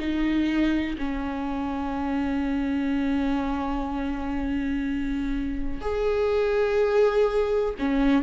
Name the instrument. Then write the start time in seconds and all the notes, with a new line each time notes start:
viola
0.00 D#4
0.99 C#4
5.82 G#4
7.79 C#4